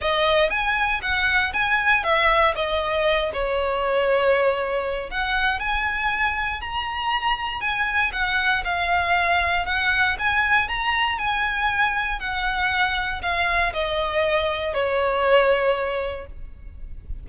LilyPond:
\new Staff \with { instrumentName = "violin" } { \time 4/4 \tempo 4 = 118 dis''4 gis''4 fis''4 gis''4 | e''4 dis''4. cis''4.~ | cis''2 fis''4 gis''4~ | gis''4 ais''2 gis''4 |
fis''4 f''2 fis''4 | gis''4 ais''4 gis''2 | fis''2 f''4 dis''4~ | dis''4 cis''2. | }